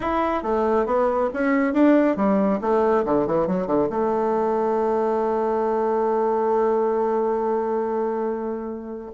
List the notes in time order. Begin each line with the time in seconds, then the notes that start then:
0.00 E4
0.42 A3
0.86 B3
1.33 C#4
1.73 D4
2.16 G3
2.61 A3
3.05 D3
3.26 E3
3.47 F#3
3.66 D3
3.89 A3